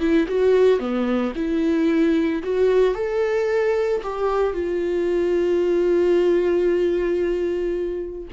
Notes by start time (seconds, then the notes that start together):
0.00 E4
0.28 F#4
0.79 B3
1.36 E4
2.43 F#4
2.95 A4
4.03 G4
4.53 F4